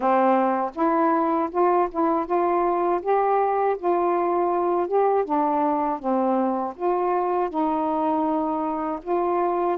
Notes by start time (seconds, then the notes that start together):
0.00 C4
0.74 E4
1.51 F4
1.91 E4
2.25 F4
3.02 G4
3.78 F4
4.88 G4
5.24 D4
5.99 C4
6.75 F4
7.49 D#4
9.02 F4